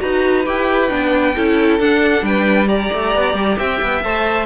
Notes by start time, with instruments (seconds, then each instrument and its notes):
0.00 cello D#4, viola F#4, violin B4 A#5
0.46 cello E4, viola G4, violin G5
0.90 cello B3, viola D4
1.36 cello C#4, viola E4, violin A4
1.80 cello D4, viola D4, violin F#5
2.23 cello G3, violin B4 G5
2.68 viola G4, violin D5 A#5
2.93 cello A3
3.15 cello B3
3.34 cello G3
3.58 cello C4, violin E5 G5
3.82 cello B3
4.04 cello A3, viola C5, violin A5